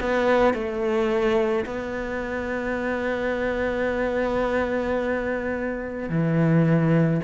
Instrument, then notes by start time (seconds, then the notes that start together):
cello
0.00 B3
0.54 A3
1.65 B3
6.09 E3